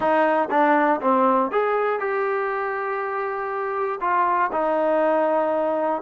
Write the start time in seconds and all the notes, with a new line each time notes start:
0.00 D#4
0.50 D4
1.01 C4
1.51 G#4
1.99 G4
4.00 F4
4.52 D#4